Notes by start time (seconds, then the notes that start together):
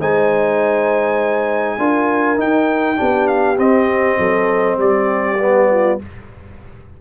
0.00 G#3 D#4 C5 G#5
1.78 D4 F4 A#4
2.37 D#4 G5
2.96 B3 D4 G4
3.27 F5
3.58 C4 D#5
4.18 F#3 A4
4.77 G3 G4 D5
5.39 B3
5.71 F4